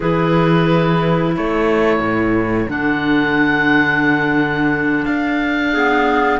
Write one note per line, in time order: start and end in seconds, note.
0.00 1.36 E3
0.00 2.68 E4
0.00 1.34 G#4
0.00 1.35 B4
1.34 1.99 A3
1.34 5.72 A4
1.34 2.70 C#5
1.99 2.66 A2
2.68 5.05 D3
2.68 5.71 D4
2.68 5.05 F#5
5.05 6.40 D4
5.05 6.39 F5
5.72 6.40 B3
5.72 6.39 G#4